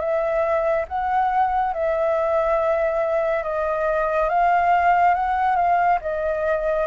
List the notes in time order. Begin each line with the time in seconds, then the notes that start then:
0.00 E5
0.88 F#5
1.74 E5
3.44 D#5
4.30 F5
5.15 F#5
5.56 F5
6.02 D#5